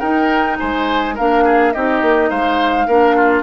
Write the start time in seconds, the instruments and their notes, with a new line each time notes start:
0.00 bassoon D#4, clarinet D#4, oboe A#4, flute G5
0.60 bassoon G#3, oboe C5, flute G#5
1.15 bassoon A#3, clarinet D4, oboe A#4, flute F5
1.44 oboe G#4
1.73 bassoon C4, clarinet D#4, oboe G4, flute D#5
2.02 bassoon A#3
2.30 bassoon G#3, oboe C5, flute F5
2.87 bassoon A#3, clarinet D4, oboe A#4
3.16 oboe F4